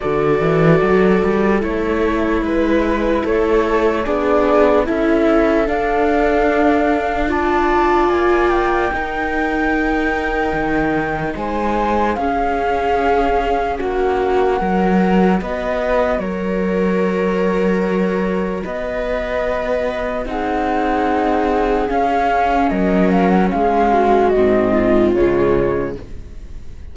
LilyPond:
<<
  \new Staff \with { instrumentName = "flute" } { \time 4/4 \tempo 4 = 74 d''2 cis''4 b'4 | cis''4 d''4 e''4 f''4~ | f''4 a''4 gis''8 g''4.~ | g''2 gis''4 f''4~ |
f''4 fis''2 dis''4 | cis''2. dis''4~ | dis''4 fis''2 f''4 | dis''8 f''16 fis''16 f''4 dis''4 cis''4 | }
  \new Staff \with { instrumentName = "viola" } { \time 4/4 a'2. b'4 | a'4 gis'4 a'2~ | a'4 d''2 ais'4~ | ais'2 c''4 gis'4~ |
gis'4 fis'4 ais'4 b'4 | ais'2. b'4~ | b'4 gis'2. | ais'4 gis'8 fis'4 f'4. | }
  \new Staff \with { instrumentName = "viola" } { \time 4/4 fis'2 e'2~ | e'4 d'4 e'4 d'4~ | d'4 f'2 dis'4~ | dis'2. cis'4~ |
cis'2 fis'2~ | fis'1~ | fis'4 dis'2 cis'4~ | cis'2 c'4 gis4 | }
  \new Staff \with { instrumentName = "cello" } { \time 4/4 d8 e8 fis8 g8 a4 gis4 | a4 b4 cis'4 d'4~ | d'2 ais4 dis'4~ | dis'4 dis4 gis4 cis'4~ |
cis'4 ais4 fis4 b4 | fis2. b4~ | b4 c'2 cis'4 | fis4 gis4 gis,4 cis4 | }
>>